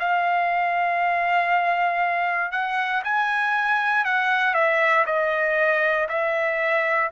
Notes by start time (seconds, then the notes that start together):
0.00 F5
2.52 F#5
3.05 G#5
4.05 F#5
4.54 E5
5.07 D#5
6.09 E5